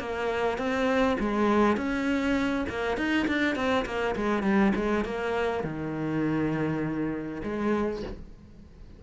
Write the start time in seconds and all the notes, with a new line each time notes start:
0.00 A#3
0.58 C4
1.20 G#3
1.77 C#4
2.70 A#3
2.98 D#4
3.28 D4
3.56 C4
3.86 A#3
4.16 G#3
4.43 G3
4.76 G#3
5.05 A#3
5.64 D#3
7.44 G#3